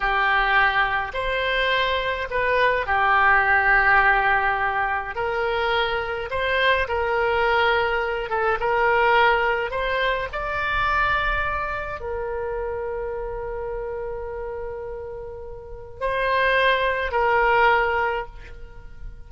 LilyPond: \new Staff \with { instrumentName = "oboe" } { \time 4/4 \tempo 4 = 105 g'2 c''2 | b'4 g'2.~ | g'4 ais'2 c''4 | ais'2~ ais'8 a'8 ais'4~ |
ais'4 c''4 d''2~ | d''4 ais'2.~ | ais'1 | c''2 ais'2 | }